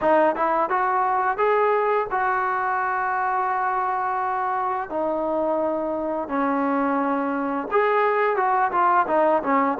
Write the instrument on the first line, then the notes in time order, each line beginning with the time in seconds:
trombone
0.01 D#4
0.35 E4
0.69 F#4
1.37 G#4
2.10 F#4
4.89 D#4
6.28 C#4
7.71 G#4
8.36 F#4
8.71 F4
9.07 D#4
9.42 C#4